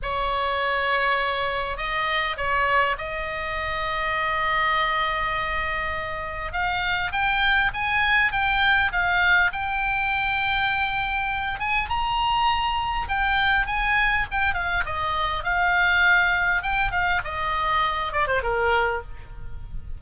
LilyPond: \new Staff \with { instrumentName = "oboe" } { \time 4/4 \tempo 4 = 101 cis''2. dis''4 | cis''4 dis''2.~ | dis''2. f''4 | g''4 gis''4 g''4 f''4 |
g''2.~ g''8 gis''8 | ais''2 g''4 gis''4 | g''8 f''8 dis''4 f''2 | g''8 f''8 dis''4. d''16 c''16 ais'4 | }